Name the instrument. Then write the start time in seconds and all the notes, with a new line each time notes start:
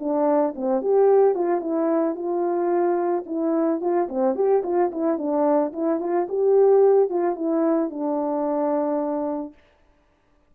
horn
0.00 D4
0.56 C4
0.82 G4
1.35 F4
1.61 E4
2.15 F4
3.27 E4
3.81 F4
4.09 C4
4.36 G4
4.64 F4
4.92 E4
5.18 D4
5.73 E4
6.00 F4
6.29 G4
7.10 F4
7.36 E4
7.90 D4